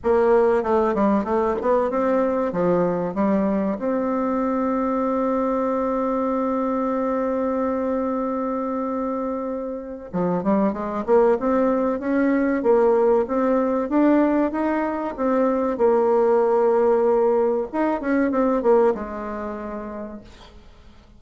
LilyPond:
\new Staff \with { instrumentName = "bassoon" } { \time 4/4 \tempo 4 = 95 ais4 a8 g8 a8 b8 c'4 | f4 g4 c'2~ | c'1~ | c'1 |
f8 g8 gis8 ais8 c'4 cis'4 | ais4 c'4 d'4 dis'4 | c'4 ais2. | dis'8 cis'8 c'8 ais8 gis2 | }